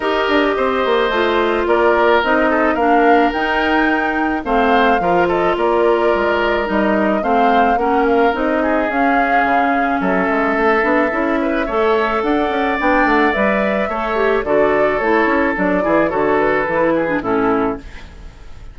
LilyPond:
<<
  \new Staff \with { instrumentName = "flute" } { \time 4/4 \tempo 4 = 108 dis''2. d''4 | dis''4 f''4 g''2 | f''4. dis''8 d''2 | dis''4 f''4 fis''8 f''8 dis''4 |
f''2 e''2~ | e''2 fis''4 g''8 fis''8 | e''2 d''4 cis''4 | d''4 cis''8 b'4. a'4 | }
  \new Staff \with { instrumentName = "oboe" } { \time 4/4 ais'4 c''2 ais'4~ | ais'8 a'8 ais'2. | c''4 ais'8 a'8 ais'2~ | ais'4 c''4 ais'4. gis'8~ |
gis'2 a'2~ | a'8 b'8 cis''4 d''2~ | d''4 cis''4 a'2~ | a'8 gis'8 a'4. gis'8 e'4 | }
  \new Staff \with { instrumentName = "clarinet" } { \time 4/4 g'2 f'2 | dis'4 d'4 dis'2 | c'4 f'2. | dis'4 c'4 cis'4 dis'4 |
cis'2.~ cis'8 d'8 | e'4 a'2 d'4 | b'4 a'8 g'8 fis'4 e'4 | d'8 e'8 fis'4 e'8. d'16 cis'4 | }
  \new Staff \with { instrumentName = "bassoon" } { \time 4/4 dis'8 d'8 c'8 ais8 a4 ais4 | c'4 ais4 dis'2 | a4 f4 ais4 gis4 | g4 a4 ais4 c'4 |
cis'4 cis4 fis8 gis8 a8 b8 | cis'4 a4 d'8 cis'8 b8 a8 | g4 a4 d4 a8 cis'8 | fis8 e8 d4 e4 a,4 | }
>>